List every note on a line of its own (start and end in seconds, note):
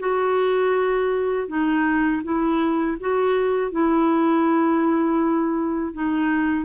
0.00 1.48 F#4
1.48 2.23 D#4
2.24 2.98 E4
3.01 3.72 F#4
3.72 5.94 E4
5.94 6.66 D#4